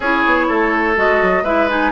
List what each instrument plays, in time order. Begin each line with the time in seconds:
0.00 bassoon C#4, clarinet E4, oboe G#4, flute C#5
0.26 bassoon B3
0.48 bassoon A3, oboe A4
0.95 bassoon G#3, clarinet F#4, flute D#5
1.22 bassoon F#3
1.43 bassoon G#3, clarinet E4, oboe B4, flute E5
1.69 clarinet D#4, flute G#5